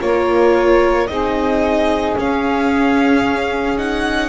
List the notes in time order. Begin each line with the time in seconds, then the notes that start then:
0.00 A#3 F4 A#4 C#5
1.07 C4 D#4 G#4 D#5
2.16 C#4 F5
3.77 D#4 F#5